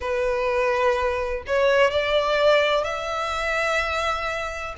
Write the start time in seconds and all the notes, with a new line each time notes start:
0.00 B4
1.46 C#5
1.90 D5
2.84 E5